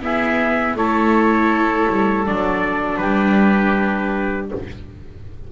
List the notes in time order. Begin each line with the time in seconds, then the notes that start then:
0.00 B3 E4 G#4 E5
0.75 A3 E4 A4 C#5
1.90 G3
2.26 F#3 D4 D5
2.97 G3 G4 B4